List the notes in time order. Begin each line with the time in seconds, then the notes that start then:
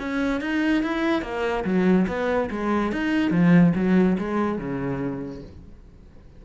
0.00 C#4
0.41 D#4
0.83 E4
1.22 A#3
1.65 F#3
2.08 B3
2.51 G#3
2.92 D#4
3.31 F3
3.76 F#3
4.19 G#3
4.58 C#3